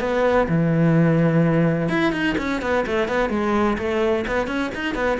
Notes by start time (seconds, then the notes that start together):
0.00 B3
0.48 E3
1.89 E4
2.12 D#4
2.38 C#4
2.62 B3
2.87 A3
3.08 B3
3.30 G#3
3.78 A3
4.27 B3
4.47 C#4
4.75 D#4
4.95 B3